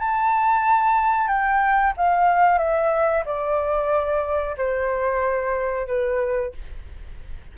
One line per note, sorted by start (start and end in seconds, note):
0.00 1.28 A5
1.28 1.93 G5
1.97 2.58 F5
2.58 3.24 E5
3.26 4.56 D5
4.58 5.88 C5
5.88 6.53 B4